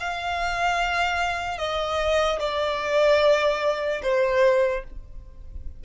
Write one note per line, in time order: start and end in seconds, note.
0.00 1.58 F5
1.58 2.40 D#5
2.40 4.02 D5
4.02 4.84 C5